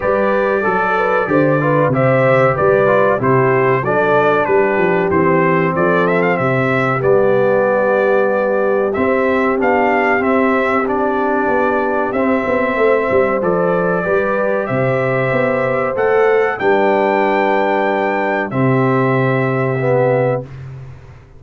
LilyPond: <<
  \new Staff \with { instrumentName = "trumpet" } { \time 4/4 \tempo 4 = 94 d''2. e''4 | d''4 c''4 d''4 b'4 | c''4 d''8 e''16 f''16 e''4 d''4~ | d''2 e''4 f''4 |
e''4 d''2 e''4~ | e''4 d''2 e''4~ | e''4 fis''4 g''2~ | g''4 e''2. | }
  \new Staff \with { instrumentName = "horn" } { \time 4/4 b'4 a'8 b'8 c''8 b'8 c''4 | b'4 g'4 a'4 g'4~ | g'4 a'4 g'2~ | g'1~ |
g'1 | c''2 b'4 c''4~ | c''2 b'2~ | b'4 g'2. | }
  \new Staff \with { instrumentName = "trombone" } { \time 4/4 g'4 a'4 g'8 f'8 g'4~ | g'8 f'8 e'4 d'2 | c'2. b4~ | b2 c'4 d'4 |
c'4 d'2 c'4~ | c'4 a'4 g'2~ | g'4 a'4 d'2~ | d'4 c'2 b4 | }
  \new Staff \with { instrumentName = "tuba" } { \time 4/4 g4 fis4 d4 c4 | g4 c4 fis4 g8 f8 | e4 f4 c4 g4~ | g2 c'4 b4 |
c'2 b4 c'8 b8 | a8 g8 f4 g4 c4 | b4 a4 g2~ | g4 c2. | }
>>